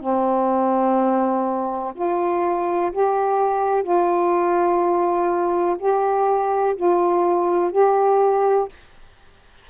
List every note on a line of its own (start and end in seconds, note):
0.00 1.94 C4
1.95 2.92 F4
2.92 3.83 G4
3.83 5.77 F4
5.79 6.76 G4
6.76 7.72 F4
7.72 8.69 G4